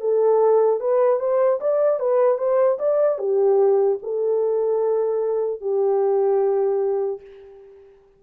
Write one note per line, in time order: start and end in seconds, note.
0.00 0.80 A4
0.80 1.19 B4
1.19 1.59 C5
1.60 1.99 D5
1.99 2.37 B4
2.37 2.77 C5
2.79 3.18 D5
3.18 3.98 G4
4.02 5.60 A4
5.60 7.20 G4